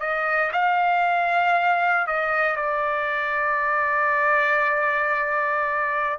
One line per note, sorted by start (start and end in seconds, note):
0.00 0.52 D#5
0.53 2.07 F5
2.07 2.57 D#5
2.57 6.19 D5